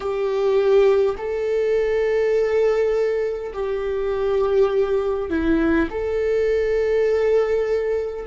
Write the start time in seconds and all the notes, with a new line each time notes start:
0.00 G4
1.17 A4
3.53 G4
5.29 E4
5.90 A4